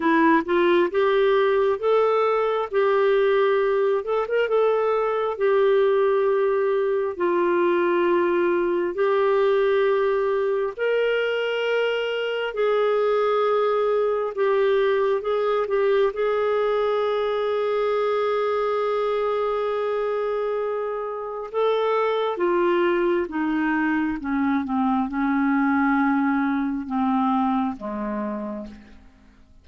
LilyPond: \new Staff \with { instrumentName = "clarinet" } { \time 4/4 \tempo 4 = 67 e'8 f'8 g'4 a'4 g'4~ | g'8 a'16 ais'16 a'4 g'2 | f'2 g'2 | ais'2 gis'2 |
g'4 gis'8 g'8 gis'2~ | gis'1 | a'4 f'4 dis'4 cis'8 c'8 | cis'2 c'4 gis4 | }